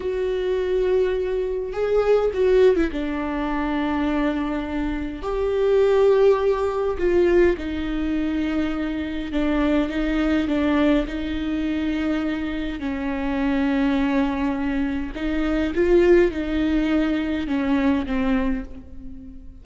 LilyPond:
\new Staff \with { instrumentName = "viola" } { \time 4/4 \tempo 4 = 103 fis'2. gis'4 | fis'8. e'16 d'2.~ | d'4 g'2. | f'4 dis'2. |
d'4 dis'4 d'4 dis'4~ | dis'2 cis'2~ | cis'2 dis'4 f'4 | dis'2 cis'4 c'4 | }